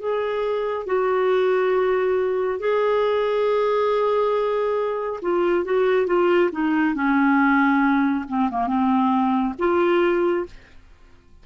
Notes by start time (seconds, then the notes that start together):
0.00 G#4
0.87 F#4
2.60 G#4
5.22 F4
5.65 F#4
6.07 F4
6.52 D#4
6.95 C#4
8.28 C4
8.51 A#3
8.67 C4
9.59 F4